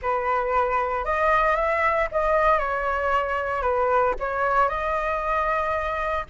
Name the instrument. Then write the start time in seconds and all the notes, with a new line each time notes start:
flute
0.02 B4
1.04 D#5
1.56 E5
2.11 D#5
2.58 C#5
3.62 B4
4.19 C#5
4.68 D#5